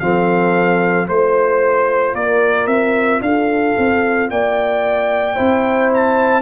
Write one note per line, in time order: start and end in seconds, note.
0.00 1.08 F3
0.00 1.07 C4
0.00 1.08 A4
0.00 1.07 F5
1.07 2.14 A3
1.07 5.35 F4
1.07 2.13 C5
1.07 2.15 C5
2.13 2.67 A#3
2.13 3.21 A#4
2.13 2.67 D5
2.67 3.21 C4
2.67 3.21 E5
3.21 3.75 D4
3.21 4.31 A4
3.21 4.29 F5
3.78 4.30 C4
4.30 5.37 A#3
4.30 5.35 D5
4.30 5.91 G5
5.35 6.42 C4
5.35 6.42 E4
5.35 6.42 C5
5.94 6.42 A5